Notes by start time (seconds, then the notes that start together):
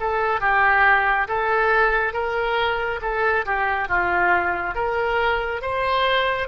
0.00 A4
0.41 G4
1.28 A4
2.13 A#4
3.02 A4
3.46 G4
3.89 F4
4.75 A#4
5.62 C5